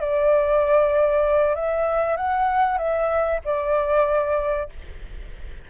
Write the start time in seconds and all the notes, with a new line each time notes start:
0.00 D5
1.55 E5
2.16 F#5
2.77 E5
3.44 D5